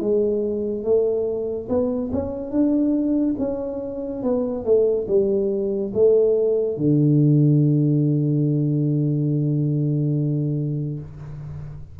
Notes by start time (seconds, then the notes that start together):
0.00 G#3
0.84 A3
1.69 B3
2.12 C#4
2.51 D4
3.38 C#4
4.23 B3
4.65 A3
5.07 G3
5.94 A3
6.77 D3